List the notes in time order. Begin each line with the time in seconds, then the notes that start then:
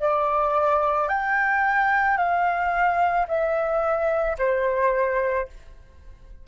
0.00 D5
1.09 G5
2.17 F5
3.28 E5
4.39 C5